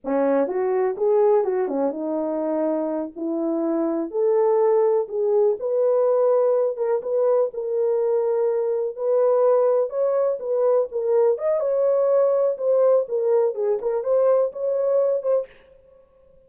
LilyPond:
\new Staff \with { instrumentName = "horn" } { \time 4/4 \tempo 4 = 124 cis'4 fis'4 gis'4 fis'8 cis'8 | dis'2~ dis'8 e'4.~ | e'8 a'2 gis'4 b'8~ | b'2 ais'8 b'4 ais'8~ |
ais'2~ ais'8 b'4.~ | b'8 cis''4 b'4 ais'4 dis''8 | cis''2 c''4 ais'4 | gis'8 ais'8 c''4 cis''4. c''8 | }